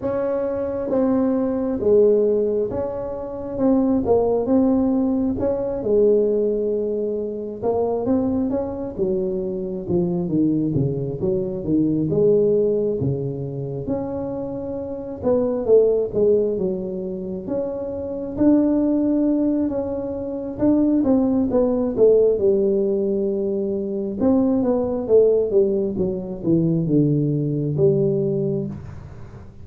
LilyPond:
\new Staff \with { instrumentName = "tuba" } { \time 4/4 \tempo 4 = 67 cis'4 c'4 gis4 cis'4 | c'8 ais8 c'4 cis'8 gis4.~ | gis8 ais8 c'8 cis'8 fis4 f8 dis8 | cis8 fis8 dis8 gis4 cis4 cis'8~ |
cis'4 b8 a8 gis8 fis4 cis'8~ | cis'8 d'4. cis'4 d'8 c'8 | b8 a8 g2 c'8 b8 | a8 g8 fis8 e8 d4 g4 | }